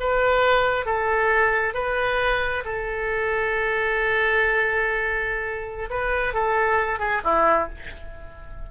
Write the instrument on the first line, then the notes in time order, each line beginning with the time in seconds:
oboe
0.00 B4
0.85 A4
1.74 B4
2.65 A4
5.90 B4
6.34 A4
6.99 G#4
7.24 E4